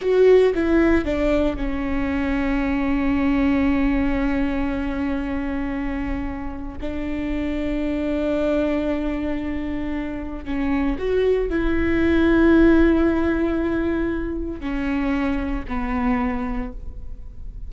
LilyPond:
\new Staff \with { instrumentName = "viola" } { \time 4/4 \tempo 4 = 115 fis'4 e'4 d'4 cis'4~ | cis'1~ | cis'1~ | cis'4 d'2.~ |
d'1 | cis'4 fis'4 e'2~ | e'1 | cis'2 b2 | }